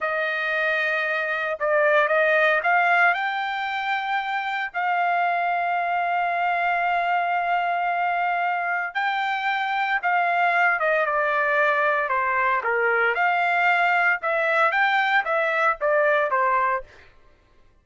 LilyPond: \new Staff \with { instrumentName = "trumpet" } { \time 4/4 \tempo 4 = 114 dis''2. d''4 | dis''4 f''4 g''2~ | g''4 f''2.~ | f''1~ |
f''4 g''2 f''4~ | f''8 dis''8 d''2 c''4 | ais'4 f''2 e''4 | g''4 e''4 d''4 c''4 | }